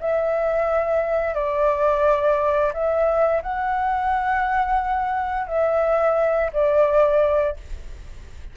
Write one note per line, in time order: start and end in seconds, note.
0.00 1.34 E5
1.34 2.72 D5
2.73 3.42 E5
3.42 5.47 F#5
5.47 6.51 E5
6.53 7.56 D5